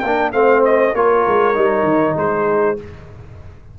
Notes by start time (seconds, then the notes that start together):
0.00 A#3 D4 A#4 G5
0.32 A3 C4 C5 F5
0.65 D#5
0.95 A#3 F4 A#4 C#5
1.28 G#3
1.54 G3 D#4
1.83 D#3
2.17 G#3 G#4 C5